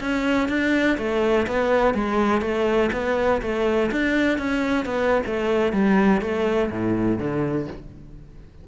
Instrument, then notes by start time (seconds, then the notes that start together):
cello
0.00 C#4
0.48 D4
0.97 A3
1.47 B3
1.94 G#3
2.41 A3
2.92 B3
3.41 A3
3.91 D4
4.38 C#4
4.85 B3
5.26 A3
5.73 G3
6.21 A3
6.70 A2
7.18 D3